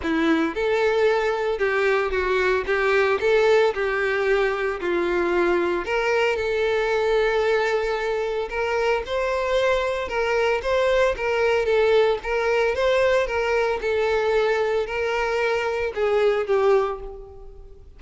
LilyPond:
\new Staff \with { instrumentName = "violin" } { \time 4/4 \tempo 4 = 113 e'4 a'2 g'4 | fis'4 g'4 a'4 g'4~ | g'4 f'2 ais'4 | a'1 |
ais'4 c''2 ais'4 | c''4 ais'4 a'4 ais'4 | c''4 ais'4 a'2 | ais'2 gis'4 g'4 | }